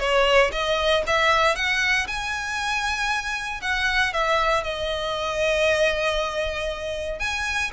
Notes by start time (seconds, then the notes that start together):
0.00 C#5
0.52 D#5
1.07 E5
1.56 F#5
2.07 G#5
3.62 F#5
4.14 E5
4.64 D#5
7.20 G#5